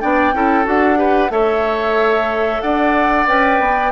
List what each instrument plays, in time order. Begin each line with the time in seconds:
0.00 bassoon B3, clarinet D4, oboe D5, flute G5
0.32 bassoon C#4, clarinet E4, oboe A4
0.64 bassoon D4, clarinet F#4, flute F#5
0.96 clarinet G4, oboe B4
1.30 bassoon A3, clarinet A4, oboe C#5, flute E5
2.61 bassoon D4, oboe D5, flute F#5
3.26 bassoon C#4, clarinet B4, flute G5
3.59 bassoon B3